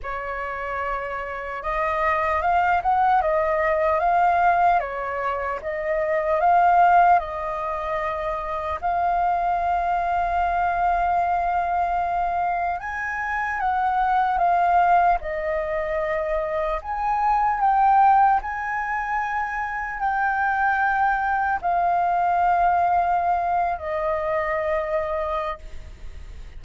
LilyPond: \new Staff \with { instrumentName = "flute" } { \time 4/4 \tempo 4 = 75 cis''2 dis''4 f''8 fis''8 | dis''4 f''4 cis''4 dis''4 | f''4 dis''2 f''4~ | f''1 |
gis''4 fis''4 f''4 dis''4~ | dis''4 gis''4 g''4 gis''4~ | gis''4 g''2 f''4~ | f''4.~ f''16 dis''2~ dis''16 | }